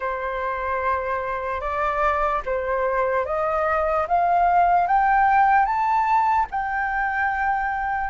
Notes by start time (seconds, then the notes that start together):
0.00 C5
1.60 D5
2.45 C5
3.25 D#5
4.07 F5
4.87 G5
5.65 A5
6.50 G5